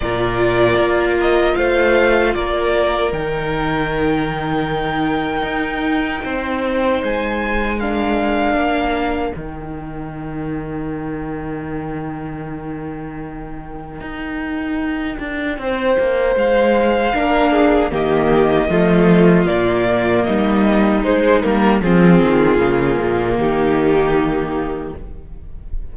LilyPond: <<
  \new Staff \with { instrumentName = "violin" } { \time 4/4 \tempo 4 = 77 d''4. dis''8 f''4 d''4 | g''1~ | g''4 gis''4 f''2 | g''1~ |
g''1~ | g''4 f''2 dis''4~ | dis''4 d''4 dis''4 c''8 ais'8 | gis'2 g'2 | }
  \new Staff \with { instrumentName = "violin" } { \time 4/4 ais'2 c''4 ais'4~ | ais'1 | c''2 ais'2~ | ais'1~ |
ais'1 | c''2 ais'8 gis'8 g'4 | f'2 dis'2 | f'2 dis'2 | }
  \new Staff \with { instrumentName = "viola" } { \time 4/4 f'1 | dis'1~ | dis'2 d'2 | dis'1~ |
dis'1~ | dis'2 d'4 ais4 | a4 ais2 gis8 ais8 | c'4 ais2. | }
  \new Staff \with { instrumentName = "cello" } { \time 4/4 ais,4 ais4 a4 ais4 | dis2. dis'4 | c'4 gis2 ais4 | dis1~ |
dis2 dis'4. d'8 | c'8 ais8 gis4 ais4 dis4 | f4 ais,4 g4 gis8 g8 | f8 dis8 cis8 ais,8 dis2 | }
>>